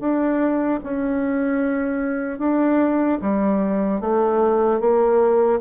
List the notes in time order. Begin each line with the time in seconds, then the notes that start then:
0.00 D4
0.84 C#4
2.39 D4
3.21 G3
4.01 A3
4.80 A#3